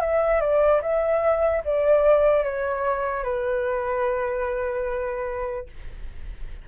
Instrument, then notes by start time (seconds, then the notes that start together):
flute
0.00 E5
0.41 D5
0.82 E5
1.65 D5
2.44 C#5
3.23 B4